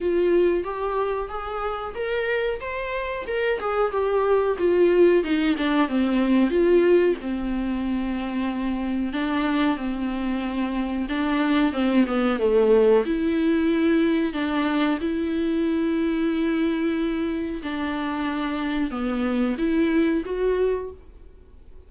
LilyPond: \new Staff \with { instrumentName = "viola" } { \time 4/4 \tempo 4 = 92 f'4 g'4 gis'4 ais'4 | c''4 ais'8 gis'8 g'4 f'4 | dis'8 d'8 c'4 f'4 c'4~ | c'2 d'4 c'4~ |
c'4 d'4 c'8 b8 a4 | e'2 d'4 e'4~ | e'2. d'4~ | d'4 b4 e'4 fis'4 | }